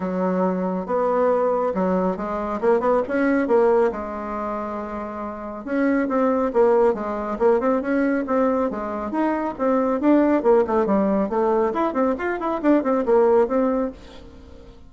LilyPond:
\new Staff \with { instrumentName = "bassoon" } { \time 4/4 \tempo 4 = 138 fis2 b2 | fis4 gis4 ais8 b8 cis'4 | ais4 gis2.~ | gis4 cis'4 c'4 ais4 |
gis4 ais8 c'8 cis'4 c'4 | gis4 dis'4 c'4 d'4 | ais8 a8 g4 a4 e'8 c'8 | f'8 e'8 d'8 c'8 ais4 c'4 | }